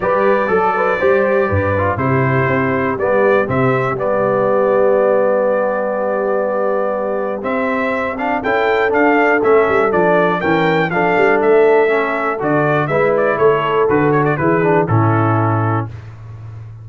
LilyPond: <<
  \new Staff \with { instrumentName = "trumpet" } { \time 4/4 \tempo 4 = 121 d''1 | c''2 d''4 e''4 | d''1~ | d''2. e''4~ |
e''8 f''8 g''4 f''4 e''4 | d''4 g''4 f''4 e''4~ | e''4 d''4 e''8 d''8 cis''4 | b'8 cis''16 d''16 b'4 a'2 | }
  \new Staff \with { instrumentName = "horn" } { \time 4/4 b'4 a'8 b'8 c''4 b'4 | g'1~ | g'1~ | g'1~ |
g'4 a'2.~ | a'4 ais'4 a'2~ | a'2 b'4 a'4~ | a'4 gis'4 e'2 | }
  \new Staff \with { instrumentName = "trombone" } { \time 4/4 g'4 a'4 g'4. f'8 | e'2 b4 c'4 | b1~ | b2. c'4~ |
c'8 d'8 e'4 d'4 cis'4 | d'4 cis'4 d'2 | cis'4 fis'4 e'2 | fis'4 e'8 d'8 cis'2 | }
  \new Staff \with { instrumentName = "tuba" } { \time 4/4 g4 fis4 g4 g,4 | c4 c'4 g4 c4 | g1~ | g2. c'4~ |
c'4 cis'4 d'4 a8 g8 | f4 e4 f8 g8 a4~ | a4 d4 gis4 a4 | d4 e4 a,2 | }
>>